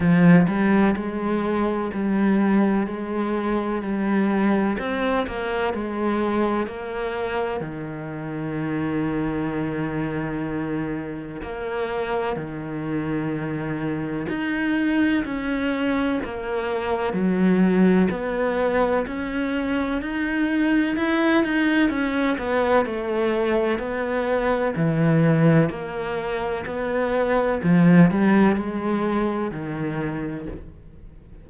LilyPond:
\new Staff \with { instrumentName = "cello" } { \time 4/4 \tempo 4 = 63 f8 g8 gis4 g4 gis4 | g4 c'8 ais8 gis4 ais4 | dis1 | ais4 dis2 dis'4 |
cis'4 ais4 fis4 b4 | cis'4 dis'4 e'8 dis'8 cis'8 b8 | a4 b4 e4 ais4 | b4 f8 g8 gis4 dis4 | }